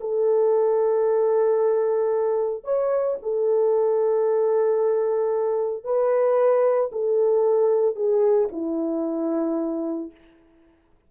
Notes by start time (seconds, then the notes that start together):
0.00 A4
2.64 C#5
3.22 A4
5.84 B4
6.91 A4
7.95 G#4
8.52 E4